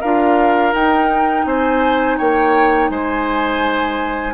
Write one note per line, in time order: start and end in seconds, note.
0.00 0.73 D4
0.00 0.73 F4
0.00 1.45 A#4
0.00 0.73 F5
0.73 1.45 D#4
0.73 4.33 D#4
0.73 1.45 G5
1.45 2.17 C4
1.45 2.17 C5
1.45 2.17 G#5
2.17 2.89 A#3
2.17 2.90 C#5
2.17 2.89 G5
2.89 4.33 G#3
2.89 4.33 C5
2.89 4.33 G#5